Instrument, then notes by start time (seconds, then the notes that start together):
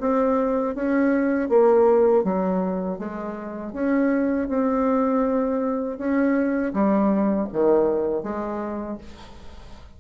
bassoon
0.00 C4
0.75 C#4
1.49 A#3
2.24 F#3
2.99 G#3
3.73 C#4
4.48 C4
5.98 C#4
6.73 G3
7.52 D#3
8.23 G#3